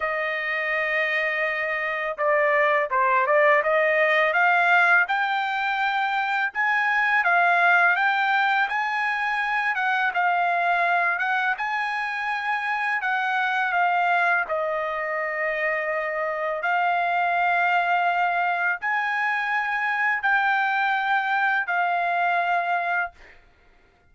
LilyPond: \new Staff \with { instrumentName = "trumpet" } { \time 4/4 \tempo 4 = 83 dis''2. d''4 | c''8 d''8 dis''4 f''4 g''4~ | g''4 gis''4 f''4 g''4 | gis''4. fis''8 f''4. fis''8 |
gis''2 fis''4 f''4 | dis''2. f''4~ | f''2 gis''2 | g''2 f''2 | }